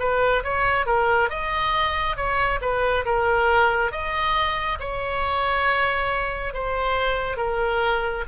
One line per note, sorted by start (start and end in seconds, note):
0.00 0.43 B4
0.44 0.86 C#5
0.86 1.30 A#4
1.30 2.17 D#5
2.17 2.60 C#5
2.61 3.05 B4
3.05 3.92 A#4
3.92 4.79 D#5
4.80 6.54 C#5
6.54 7.37 C5
7.37 8.24 A#4